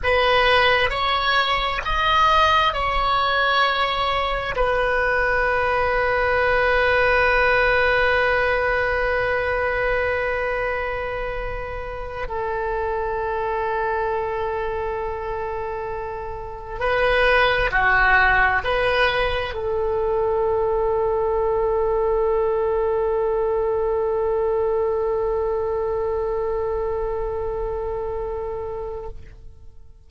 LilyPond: \new Staff \with { instrumentName = "oboe" } { \time 4/4 \tempo 4 = 66 b'4 cis''4 dis''4 cis''4~ | cis''4 b'2.~ | b'1~ | b'4. a'2~ a'8~ |
a'2~ a'8 b'4 fis'8~ | fis'8 b'4 a'2~ a'8~ | a'1~ | a'1 | }